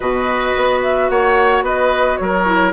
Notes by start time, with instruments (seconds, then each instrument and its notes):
0.00 bassoon B2, clarinet F#4, oboe B4, flute D#5
0.56 bassoon B3
0.82 flute E5
1.09 bassoon A#3, oboe C#5, flute F#5
1.62 bassoon B3, oboe B4, flute D#5
2.16 bassoon F#3, oboe A#4, flute C#5
2.45 clarinet E4